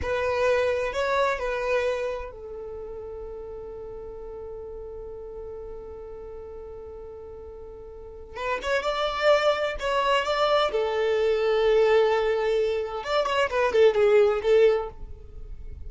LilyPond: \new Staff \with { instrumentName = "violin" } { \time 4/4 \tempo 4 = 129 b'2 cis''4 b'4~ | b'4 a'2.~ | a'1~ | a'1~ |
a'2 b'8 cis''8 d''4~ | d''4 cis''4 d''4 a'4~ | a'1 | d''8 cis''8 b'8 a'8 gis'4 a'4 | }